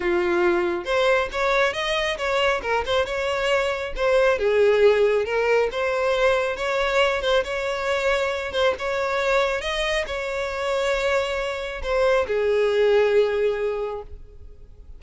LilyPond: \new Staff \with { instrumentName = "violin" } { \time 4/4 \tempo 4 = 137 f'2 c''4 cis''4 | dis''4 cis''4 ais'8 c''8 cis''4~ | cis''4 c''4 gis'2 | ais'4 c''2 cis''4~ |
cis''8 c''8 cis''2~ cis''8 c''8 | cis''2 dis''4 cis''4~ | cis''2. c''4 | gis'1 | }